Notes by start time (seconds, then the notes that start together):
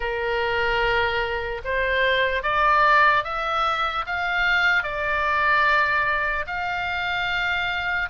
0.00 A#4
1.64 C5
2.43 D5
3.24 E5
4.06 F5
4.83 D5
6.46 F5